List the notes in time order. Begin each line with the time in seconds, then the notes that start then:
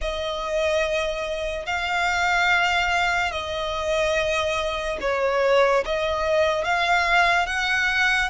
0.01 D#5
1.66 F5
3.31 D#5
5.00 C#5
5.85 D#5
6.64 F5
7.46 F#5